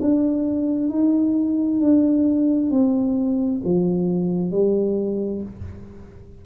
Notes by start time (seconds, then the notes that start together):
0.00 D4
0.89 D#4
1.80 D4
2.70 C4
3.64 F3
4.51 G3